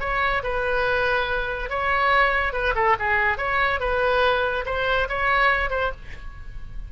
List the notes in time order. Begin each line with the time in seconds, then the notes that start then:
0.00 C#5
0.43 B4
1.69 C#5
2.53 B4
2.75 A4
2.99 G#4
3.37 C#5
3.80 B4
4.65 C5
5.09 C#5
5.70 C5